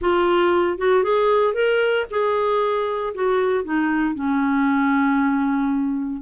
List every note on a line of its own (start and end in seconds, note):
0.01 0.78 F4
0.78 1.03 F#4
1.03 1.54 G#4
1.54 2.05 A#4
2.10 3.13 G#4
3.14 3.64 F#4
3.64 4.14 D#4
4.14 6.21 C#4